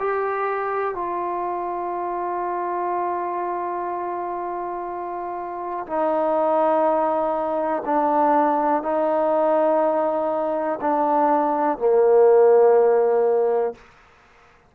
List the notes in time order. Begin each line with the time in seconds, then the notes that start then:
0.00 G4
0.95 F4
5.87 D#4
7.86 D4
8.83 D#4
10.82 D4
11.79 A#3